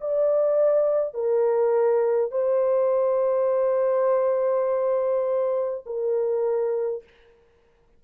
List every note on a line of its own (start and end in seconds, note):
0.00 1.13 D5
1.13 2.31 A#4
2.31 5.84 C5
5.86 7.03 A#4